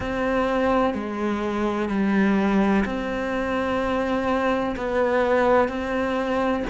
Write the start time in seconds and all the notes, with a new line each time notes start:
0.00 C4
0.94 G#3
1.89 G3
2.85 C4
4.76 B3
5.68 C4